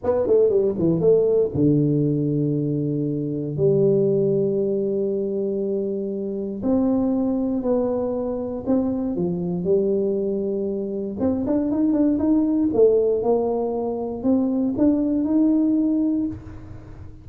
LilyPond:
\new Staff \with { instrumentName = "tuba" } { \time 4/4 \tempo 4 = 118 b8 a8 g8 e8 a4 d4~ | d2. g4~ | g1~ | g4 c'2 b4~ |
b4 c'4 f4 g4~ | g2 c'8 d'8 dis'8 d'8 | dis'4 a4 ais2 | c'4 d'4 dis'2 | }